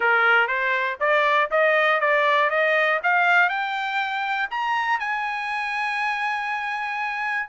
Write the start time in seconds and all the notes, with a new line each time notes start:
0.00 A#4
0.47 C5
1.00 D5
1.50 D#5
2.00 D5
2.50 D#5
3.03 F5
3.49 G5
4.50 A#5
4.99 G#5